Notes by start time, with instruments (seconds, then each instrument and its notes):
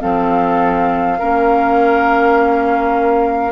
0.00 bassoon F3, clarinet C4, oboe A4, flute F5
1.18 bassoon A#3, clarinet C#4, oboe A#4